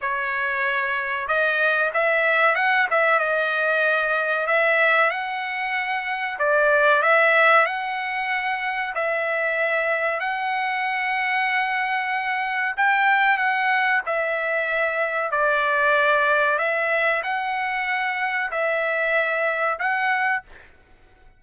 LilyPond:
\new Staff \with { instrumentName = "trumpet" } { \time 4/4 \tempo 4 = 94 cis''2 dis''4 e''4 | fis''8 e''8 dis''2 e''4 | fis''2 d''4 e''4 | fis''2 e''2 |
fis''1 | g''4 fis''4 e''2 | d''2 e''4 fis''4~ | fis''4 e''2 fis''4 | }